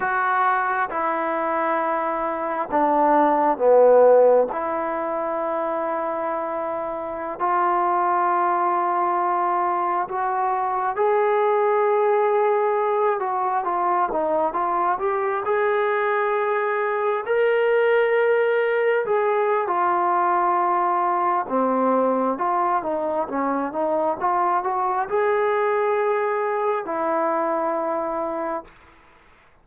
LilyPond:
\new Staff \with { instrumentName = "trombone" } { \time 4/4 \tempo 4 = 67 fis'4 e'2 d'4 | b4 e'2.~ | e'16 f'2. fis'8.~ | fis'16 gis'2~ gis'8 fis'8 f'8 dis'16~ |
dis'16 f'8 g'8 gis'2 ais'8.~ | ais'4~ ais'16 gis'8. f'2 | c'4 f'8 dis'8 cis'8 dis'8 f'8 fis'8 | gis'2 e'2 | }